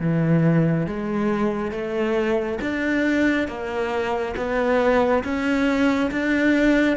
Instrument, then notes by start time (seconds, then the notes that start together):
cello
0.00 E3
0.87 G#3
1.72 A3
2.61 D4
3.48 A#3
4.37 B3
5.24 C#4
6.11 D4